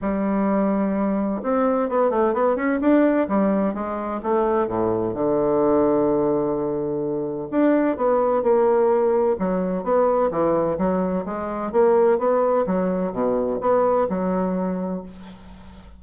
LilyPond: \new Staff \with { instrumentName = "bassoon" } { \time 4/4 \tempo 4 = 128 g2. c'4 | b8 a8 b8 cis'8 d'4 g4 | gis4 a4 a,4 d4~ | d1 |
d'4 b4 ais2 | fis4 b4 e4 fis4 | gis4 ais4 b4 fis4 | b,4 b4 fis2 | }